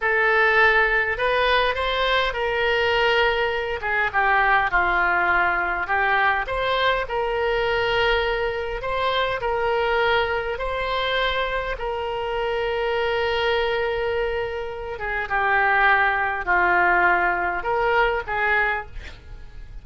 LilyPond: \new Staff \with { instrumentName = "oboe" } { \time 4/4 \tempo 4 = 102 a'2 b'4 c''4 | ais'2~ ais'8 gis'8 g'4 | f'2 g'4 c''4 | ais'2. c''4 |
ais'2 c''2 | ais'1~ | ais'4. gis'8 g'2 | f'2 ais'4 gis'4 | }